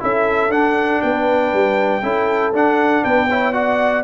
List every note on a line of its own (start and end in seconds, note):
0.00 0.49 C#4
0.00 0.50 E4
0.00 1.02 A4
0.00 0.52 E5
0.49 1.00 D4
0.49 2.02 D4
0.49 1.02 F#5
1.02 1.54 B3
1.02 2.03 B4
1.02 2.53 G5
1.54 2.03 G3
2.03 2.53 C#4
2.03 2.53 E4
2.03 3.03 A4
2.53 3.04 D4
2.53 3.29 D4
2.53 3.04 F#5
3.03 4.04 B3
3.03 3.29 B4
3.03 3.53 G5
3.29 3.53 E4
3.29 3.54 C#5
3.53 4.04 F#4
3.53 4.04 D5
3.53 4.04 F#5